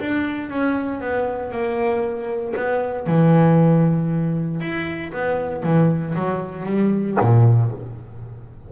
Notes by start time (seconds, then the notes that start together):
0.00 D4
0.50 C#4
1.01 B3
1.52 A#3
2.57 B3
3.07 E3
4.61 E4
5.13 B3
5.63 E3
6.15 F#3
6.66 G3
7.21 A#2